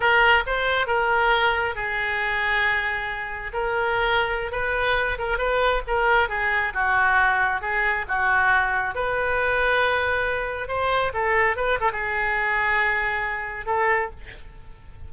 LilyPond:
\new Staff \with { instrumentName = "oboe" } { \time 4/4 \tempo 4 = 136 ais'4 c''4 ais'2 | gis'1 | ais'2~ ais'16 b'4. ais'16~ | ais'16 b'4 ais'4 gis'4 fis'8.~ |
fis'4~ fis'16 gis'4 fis'4.~ fis'16~ | fis'16 b'2.~ b'8.~ | b'16 c''4 a'4 b'8 a'16 gis'4~ | gis'2. a'4 | }